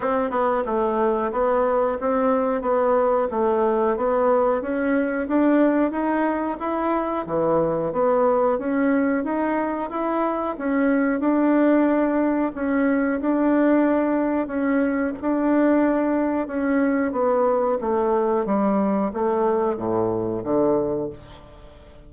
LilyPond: \new Staff \with { instrumentName = "bassoon" } { \time 4/4 \tempo 4 = 91 c'8 b8 a4 b4 c'4 | b4 a4 b4 cis'4 | d'4 dis'4 e'4 e4 | b4 cis'4 dis'4 e'4 |
cis'4 d'2 cis'4 | d'2 cis'4 d'4~ | d'4 cis'4 b4 a4 | g4 a4 a,4 d4 | }